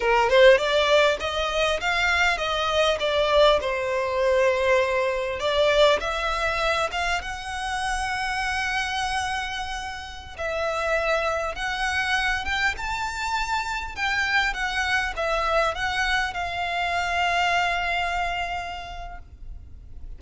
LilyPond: \new Staff \with { instrumentName = "violin" } { \time 4/4 \tempo 4 = 100 ais'8 c''8 d''4 dis''4 f''4 | dis''4 d''4 c''2~ | c''4 d''4 e''4. f''8 | fis''1~ |
fis''4~ fis''16 e''2 fis''8.~ | fis''8. g''8 a''2 g''8.~ | g''16 fis''4 e''4 fis''4 f''8.~ | f''1 | }